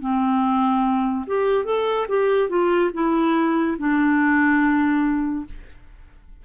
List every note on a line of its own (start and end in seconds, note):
0.00 1.25 C4
1.27 1.65 G4
1.65 2.06 A4
2.08 2.49 G4
2.49 2.91 F4
2.94 3.77 E4
3.78 5.45 D4